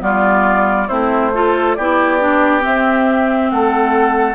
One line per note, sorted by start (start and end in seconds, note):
0.00 0.89 G3
0.00 0.87 B3
0.00 0.88 F4
0.00 0.89 D5
0.88 1.78 A3
0.88 1.33 C4
0.88 1.32 E4
0.88 1.75 C5
1.34 1.78 F4
1.34 1.77 A4
1.75 2.65 B3
1.75 2.20 E4
1.75 3.51 G4
1.75 2.62 D5
2.20 2.61 D4
2.61 4.35 C4
2.61 3.52 C4
2.61 3.50 E5
3.50 4.36 A3
3.50 4.36 A4
3.50 4.36 F#5